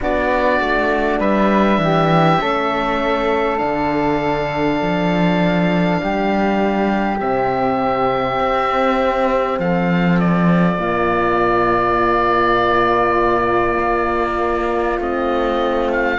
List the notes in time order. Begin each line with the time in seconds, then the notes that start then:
0.00 B3 D4 F#4 D5
0.60 A3
1.19 G3 B4 E5
1.78 E3 G4
2.39 A3 C#4 A4
3.58 D3 D4 F5
4.81 F3
6.02 G3 G4
7.20 C3 C4 E5
8.39 C4
9.58 F3 A4 F5
10.19 D5
10.78 A#2 A#3 F4
13.78 A#3
14.98 A3 C4 D#5
15.92 F5